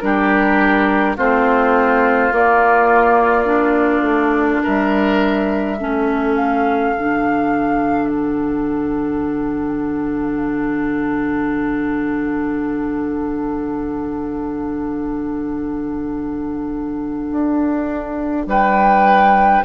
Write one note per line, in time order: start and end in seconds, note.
0.00 1.17 G3
0.00 1.17 D4
0.00 1.16 G4
0.00 1.15 A#4
1.16 2.31 A3
1.16 2.31 C4
1.16 4.62 F4
1.16 2.34 C5
2.31 3.45 A#3
2.31 4.01 A#3
2.31 4.63 D5
3.45 5.76 D4
4.01 4.59 A3
4.63 5.81 G3
4.63 5.78 A#4
4.63 6.35 E5
5.78 6.96 A3
5.78 6.95 C#4
5.78 18.48 A4
6.35 8.08 F5
6.96 17.31 D3
6.96 19.64 D4
8.08 18.47 F#5
17.31 18.46 D4
18.46 19.62 G3
18.46 19.64 B4
18.46 19.64 G5